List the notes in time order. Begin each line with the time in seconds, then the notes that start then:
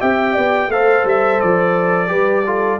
0.00 C4 G4 E5 G5
0.33 B3 D5
0.68 A3 A4 C5 F5
1.04 G3 E5
1.41 F3 D5
2.07 G3 G4 B4
2.45 F4 A4